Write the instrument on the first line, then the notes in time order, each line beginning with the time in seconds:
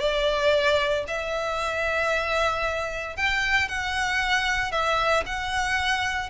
violin
0.00 D5
1.08 E5
3.17 G5
3.69 F#5
4.72 E5
5.26 F#5